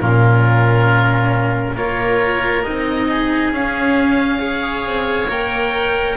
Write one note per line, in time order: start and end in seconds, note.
0.00 1.76 A#2
0.00 1.76 C#4
0.00 1.75 F4
0.00 1.76 A#4
1.75 2.64 A#3
1.75 2.65 F4
1.75 3.07 A#4
1.75 2.64 C#5
2.64 3.53 C4
2.64 3.53 D#4
2.64 3.52 D#5
3.09 4.40 G#4
3.53 4.85 C#4
3.53 4.39 C#4
3.53 5.31 F5
4.39 5.27 G#4
4.39 6.16 C#5
4.85 5.28 C4
5.28 6.17 A#3
5.28 6.17 A#4
5.28 6.17 G5